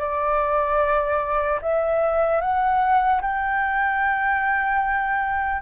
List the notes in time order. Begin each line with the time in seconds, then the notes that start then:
0.00 D5
1.62 E5
2.41 F#5
3.22 G5